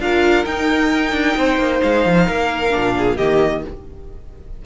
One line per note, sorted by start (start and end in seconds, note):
0.00 0.45 D4
0.00 0.45 F4
0.00 1.38 A#4
0.00 0.45 F5
0.45 2.71 D#4
0.45 1.12 D#4
0.45 1.82 G5
1.12 1.35 D4
1.37 1.58 C4
1.37 2.27 C5
1.58 1.81 A#3
1.82 2.06 G#3
1.82 3.17 F5
2.06 2.29 F3
2.27 2.75 A#3
2.27 2.95 A#4
2.71 3.16 D4
2.77 3.20 A#2
2.98 3.17 G#4
3.17 3.65 D#3
3.17 3.66 A#3
3.17 3.62 G4
3.17 3.63 D#5